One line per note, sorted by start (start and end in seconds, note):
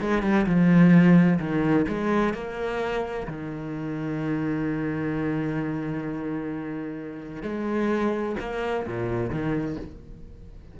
0.00 0.22 G#3
0.22 0.45 G3
0.46 1.39 F3
1.39 1.85 D#3
1.88 2.33 G#3
2.33 3.26 A#3
3.27 7.42 D#3
7.42 8.35 G#3
8.39 8.86 A#3
8.86 9.30 A#2
9.30 9.76 D#3